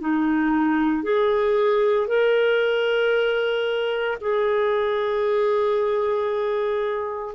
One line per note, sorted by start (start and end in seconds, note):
0.00 1.03 D#4
1.03 2.07 G#4
2.07 4.18 A#4
4.21 7.35 G#4